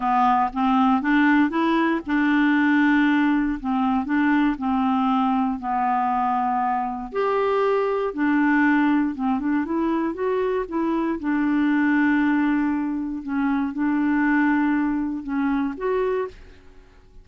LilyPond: \new Staff \with { instrumentName = "clarinet" } { \time 4/4 \tempo 4 = 118 b4 c'4 d'4 e'4 | d'2. c'4 | d'4 c'2 b4~ | b2 g'2 |
d'2 c'8 d'8 e'4 | fis'4 e'4 d'2~ | d'2 cis'4 d'4~ | d'2 cis'4 fis'4 | }